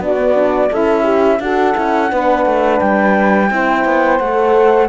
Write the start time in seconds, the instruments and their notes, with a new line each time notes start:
0.00 cello B3, horn D4, saxophone F#4, flute D5
0.19 horn B3
0.34 horn D4
0.70 cello C#4, saxophone E4, horn A4, flute E5
1.03 horn G4
1.40 cello D4, horn F#4, saxophone A4, flute F#5
1.75 cello C#4, horn E4
2.11 cello B3, horn D4, saxophone B4
2.46 cello A3
2.80 cello G3, flute G5
3.50 cello C4, horn E4, saxophone C5
3.85 cello B3
4.18 cello A3, horn A4, flute F#5